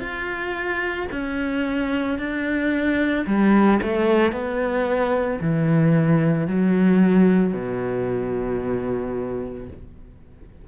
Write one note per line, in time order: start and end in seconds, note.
0.00 1.07 F4
1.12 2.19 C#4
2.19 3.26 D4
3.27 3.80 G3
3.82 4.32 A3
4.32 5.40 B3
5.41 6.47 E3
6.47 7.53 F#3
7.53 9.68 B2